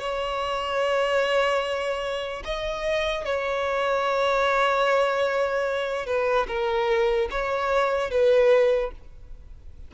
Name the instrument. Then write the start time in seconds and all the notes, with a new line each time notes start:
violin
0.00 C#5
2.45 D#5
3.25 C#5
6.06 B4
6.48 A#4
7.31 C#5
8.11 B4